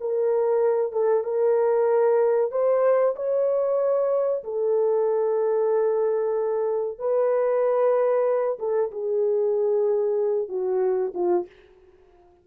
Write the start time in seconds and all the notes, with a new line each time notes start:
0.00 A#4
0.92 A4
1.24 A#4
2.51 C5
3.16 C#5
4.44 A4
6.98 B4
8.59 A4
8.91 G#4
10.49 F#4
11.14 F4